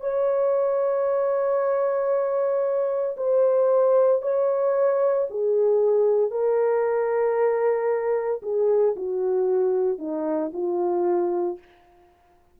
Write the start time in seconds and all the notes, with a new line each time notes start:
0.00 C#5
3.16 C5
4.22 C#5
5.30 G#4
6.30 A#4
8.42 G#4
8.96 F#4
9.98 D#4
10.53 F4